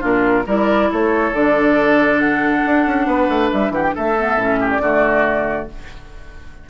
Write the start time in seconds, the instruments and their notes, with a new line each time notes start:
0.00 bassoon A#2, clarinet D4, oboe F4, flute A#4
0.46 bassoon G3, clarinet E4, oboe A#4, flute D5
0.91 bassoon A3, oboe A4, flute C#5
1.33 bassoon D3, clarinet D4, flute D5
2.19 flute F#5
2.66 bassoon D4
2.86 bassoon C#4
3.06 bassoon B3, oboe B4
3.29 bassoon A3
3.52 bassoon G3, flute E5
3.70 bassoon E3, oboe G4, flute F#5
3.83 flute G5
3.94 bassoon A3, oboe A4, flute E5
4.17 clarinet B3
4.36 bassoon A2, clarinet C#4
4.60 oboe G4
4.71 flute D5
4.80 bassoon D3, clarinet A3, oboe F#4